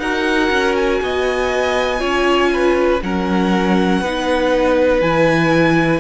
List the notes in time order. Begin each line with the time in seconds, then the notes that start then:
0.00 D#4 F#4 A#4 F#5
0.51 C#4
0.76 G#5
1.02 B3 D#5
1.99 C#4 F4 C#5
2.53 B4
3.02 F#3 C#4 A#4 F#5
4.01 B3 D#4 B4
5.01 E3 E4 G#5